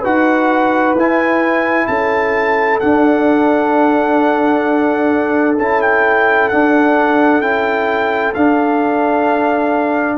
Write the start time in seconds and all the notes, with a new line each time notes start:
0.00 D#4 F#4 B4 F#5
0.94 E4 G#5
1.87 C#4 A4 A5
2.80 D4 F#5
5.58 C#4 E4 A5
5.82 G5
6.49 D4 F#5
7.41 C#4 E4 G5
8.35 D4 F5